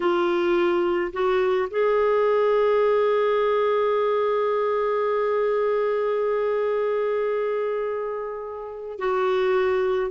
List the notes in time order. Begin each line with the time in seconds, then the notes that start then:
0.00 F4
1.12 F#4
1.70 G#4
8.98 F#4